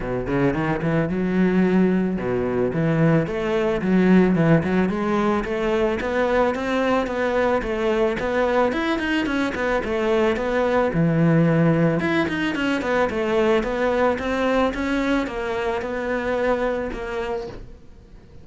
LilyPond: \new Staff \with { instrumentName = "cello" } { \time 4/4 \tempo 4 = 110 b,8 cis8 dis8 e8 fis2 | b,4 e4 a4 fis4 | e8 fis8 gis4 a4 b4 | c'4 b4 a4 b4 |
e'8 dis'8 cis'8 b8 a4 b4 | e2 e'8 dis'8 cis'8 b8 | a4 b4 c'4 cis'4 | ais4 b2 ais4 | }